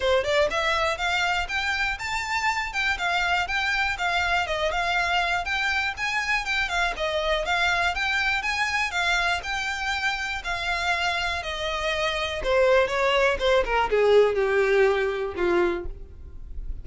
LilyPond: \new Staff \with { instrumentName = "violin" } { \time 4/4 \tempo 4 = 121 c''8 d''8 e''4 f''4 g''4 | a''4. g''8 f''4 g''4 | f''4 dis''8 f''4. g''4 | gis''4 g''8 f''8 dis''4 f''4 |
g''4 gis''4 f''4 g''4~ | g''4 f''2 dis''4~ | dis''4 c''4 cis''4 c''8 ais'8 | gis'4 g'2 f'4 | }